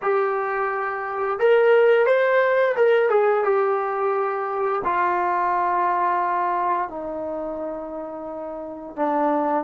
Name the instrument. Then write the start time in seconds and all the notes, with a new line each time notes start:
trombone
0.02 G4
1.39 A#4
2.06 C5
2.76 A#4
3.09 G#4
3.44 G4
4.84 F4
6.89 D#4
8.95 D4